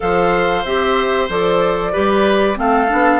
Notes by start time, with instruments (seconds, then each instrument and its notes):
0.00 bassoon F3, clarinet A4, oboe C5, flute F5
0.64 bassoon C4, clarinet G4, flute E5
1.29 bassoon F3, clarinet A4, flute D5
1.92 bassoon G3, clarinet G4, oboe B4
2.55 bassoon A3, clarinet C4, oboe A4, flute F5
2.88 bassoon B3, clarinet D4